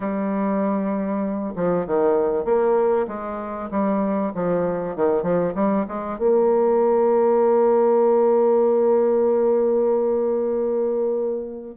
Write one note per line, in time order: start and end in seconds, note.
0.00 1.54 G3
1.55 1.86 F3
1.86 2.44 D#3
2.44 3.06 A#3
3.07 3.69 G#3
3.70 4.32 G3
4.34 4.96 F3
4.96 5.22 D#3
5.22 5.53 F3
5.54 5.85 G3
5.88 6.18 G#3
6.18 11.75 A#3